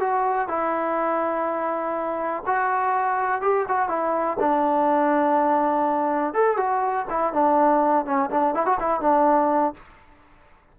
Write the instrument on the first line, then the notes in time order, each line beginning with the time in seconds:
trombone
0.00 F#4
0.49 E4
2.47 F#4
3.42 G4
3.69 F#4
3.89 E4
4.40 D4
6.34 A4
6.57 F#4
7.10 E4
7.33 D4
8.06 C#4
8.31 D4
8.55 E4
8.66 F#4
8.80 E4
9.01 D4